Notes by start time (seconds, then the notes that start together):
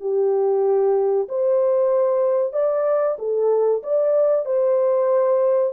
0.00 G4
1.29 C5
2.53 D5
3.18 A4
3.83 D5
4.45 C5